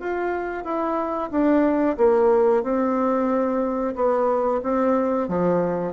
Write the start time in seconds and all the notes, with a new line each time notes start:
0.00 F4
0.64 E4
1.31 D4
1.98 A#3
2.63 C4
3.95 B3
4.63 C4
5.28 F3